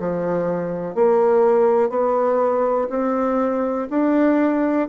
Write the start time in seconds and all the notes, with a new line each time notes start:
0.00 F3
0.95 A#3
1.90 B3
2.90 C4
3.90 D4